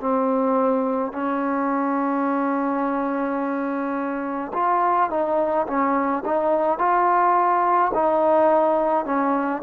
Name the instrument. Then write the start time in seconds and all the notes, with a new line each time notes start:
trombone
0.00 C4
1.12 C#4
4.53 F4
5.09 D#4
5.67 C#4
6.25 D#4
6.78 F4
7.94 D#4
9.05 C#4